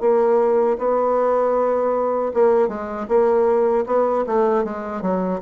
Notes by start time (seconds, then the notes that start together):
0.00 A#3
0.78 B3
2.33 A#3
2.68 G#3
3.08 A#3
3.86 B3
4.26 A3
4.64 G#3
5.01 F#3